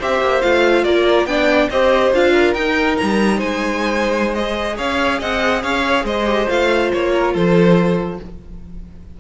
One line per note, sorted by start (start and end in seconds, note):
0.00 0.21 C4
0.00 0.42 G4
0.00 0.85 C5
0.00 0.42 E5
0.21 0.42 A#3
0.42 0.84 A3
0.42 1.28 F4
0.42 0.84 F5
0.84 1.26 A#3
0.84 1.29 A#4
0.84 1.27 D5
1.26 1.69 B3
1.26 1.70 D4
1.26 1.71 D5
1.26 1.69 G5
1.70 2.13 C4
1.70 2.14 G4
1.70 2.33 C5
1.70 2.13 D#5
2.13 2.54 D4
2.13 2.55 F4
2.13 2.54 F5
2.33 3.37 A#4
2.54 2.97 D#4
2.54 4.36 D#4
2.54 2.97 G5
2.97 3.42 G3
2.97 3.40 A#5
3.37 4.79 G#3
3.37 4.75 C5
3.37 4.34 G#5
4.34 6.26 G#4
4.34 4.77 D#5
4.77 5.21 C#4
4.77 5.19 C#5
4.77 5.21 F5
5.19 5.64 C4
5.19 5.62 D#5
5.19 5.63 F#5
5.63 6.04 C#4
5.63 6.05 C#5
5.63 6.06 F5
6.04 6.47 G#3
6.04 7.11 C5
6.04 6.49 D#5
6.26 6.47 G4
6.48 6.93 A3
6.48 8.19 F4
6.48 6.92 F5
6.93 7.35 A#3
6.93 7.35 C#5
7.14 7.34 A#4
7.34 8.20 F3
7.34 8.19 A4
7.34 8.20 C5